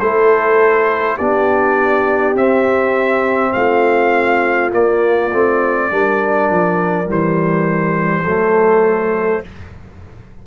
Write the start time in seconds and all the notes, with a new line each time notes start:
0.00 A3 E4 A4 C5
1.17 B3 D4 G4 D5
2.35 C4 E5
3.53 A3 F4 F5
4.72 A#3 D5
5.31 A3 C4
5.91 G3 D4 A#4
6.50 F3
7.06 E3 G3 C5
8.23 F#3 A3 A4